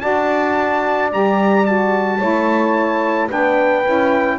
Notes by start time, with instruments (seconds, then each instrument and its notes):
0.00 double bass D4, saxophone F#4, horn D5, trumpet A5
1.10 double bass G3, saxophone G4, trumpet A#5
1.65 saxophone F#4, trumpet A5
2.19 double bass A3, saxophone E4, horn C#5
3.28 double bass B3, saxophone D4, horn B4, trumpet G5
3.85 double bass C#4, saxophone E4